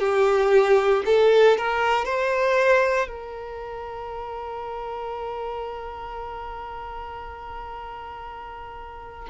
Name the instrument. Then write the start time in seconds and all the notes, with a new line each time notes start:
violin
0.00 G4
1.06 A4
1.58 A#4
2.05 C5
3.08 A#4